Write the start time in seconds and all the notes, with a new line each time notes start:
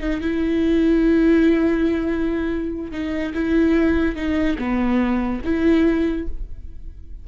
0.00 D#4
0.21 E4
2.91 D#4
3.34 E4
4.16 D#4
4.58 B3
5.44 E4